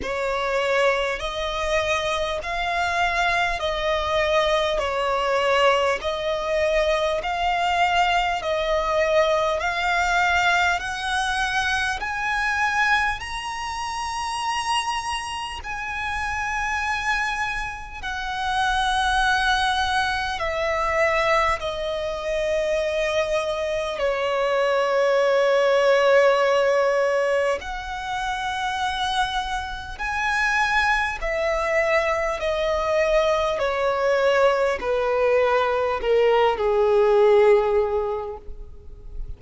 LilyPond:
\new Staff \with { instrumentName = "violin" } { \time 4/4 \tempo 4 = 50 cis''4 dis''4 f''4 dis''4 | cis''4 dis''4 f''4 dis''4 | f''4 fis''4 gis''4 ais''4~ | ais''4 gis''2 fis''4~ |
fis''4 e''4 dis''2 | cis''2. fis''4~ | fis''4 gis''4 e''4 dis''4 | cis''4 b'4 ais'8 gis'4. | }